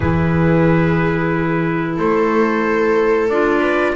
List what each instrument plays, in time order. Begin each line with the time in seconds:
0.00 double bass E3, clarinet E4, viola G#4, trumpet B4
1.96 double bass A3, viola A4, trumpet C5
3.29 double bass D4, clarinet F4, trumpet D5
3.60 viola B4